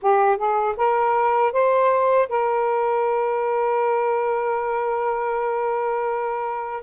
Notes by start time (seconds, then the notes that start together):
0.02 G4
0.37 G#4
0.76 A#4
1.52 C5
2.29 A#4